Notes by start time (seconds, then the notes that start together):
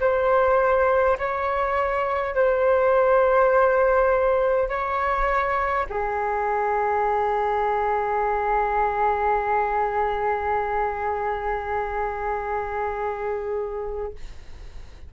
0.00 C5
1.19 C#5
2.35 C5
4.69 C#5
5.90 G#4